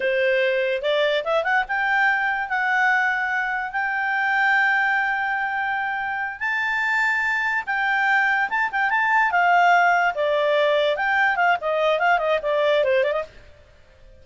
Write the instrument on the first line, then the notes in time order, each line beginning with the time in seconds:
clarinet
0.00 C5
0.82 D5
1.24 E5
1.43 F#5
1.68 G5
2.48 F#5
3.72 G5
6.39 A5
7.66 G5
8.49 A5
8.71 G5
8.89 A5
9.31 F5
10.14 D5
10.96 G5
11.35 F5
11.61 D#5
11.99 F5
12.18 D#5
12.42 D5
12.84 C5
13.03 D5
13.12 D#5